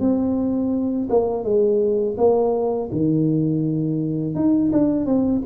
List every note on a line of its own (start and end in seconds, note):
0.00 1.08 C4
1.10 1.44 A#3
1.44 2.17 G#3
2.18 2.90 A#3
2.92 4.35 D#3
4.35 4.72 D#4
4.73 5.06 D4
5.06 5.42 C4